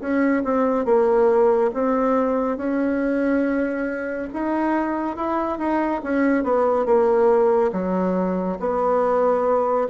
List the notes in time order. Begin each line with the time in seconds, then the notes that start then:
0.00 C#4
0.44 C4
0.85 A#3
1.73 C4
2.57 C#4
4.33 D#4
5.16 E4
5.58 D#4
6.03 C#4
6.43 B3
6.85 A#3
7.72 F#3
8.59 B3